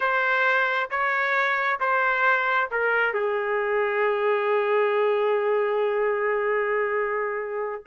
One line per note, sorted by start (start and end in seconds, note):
0.00 0.90 C5
0.90 1.79 C#5
1.80 2.69 C5
2.70 3.13 A#4
3.13 7.83 G#4